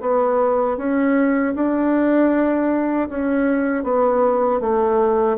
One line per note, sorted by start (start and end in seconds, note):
0.00 0.77 B3
0.77 1.53 C#4
1.55 3.09 D4
3.09 3.83 C#4
3.83 4.60 B3
4.60 5.37 A3